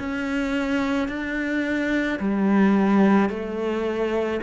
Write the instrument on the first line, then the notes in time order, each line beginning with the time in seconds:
cello
0.00 C#4
1.09 D4
2.20 G3
3.30 A3